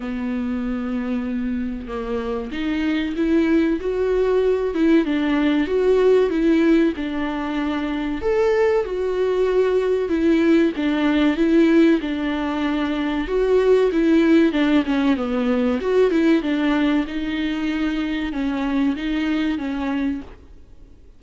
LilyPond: \new Staff \with { instrumentName = "viola" } { \time 4/4 \tempo 4 = 95 b2. ais4 | dis'4 e'4 fis'4. e'8 | d'4 fis'4 e'4 d'4~ | d'4 a'4 fis'2 |
e'4 d'4 e'4 d'4~ | d'4 fis'4 e'4 d'8 cis'8 | b4 fis'8 e'8 d'4 dis'4~ | dis'4 cis'4 dis'4 cis'4 | }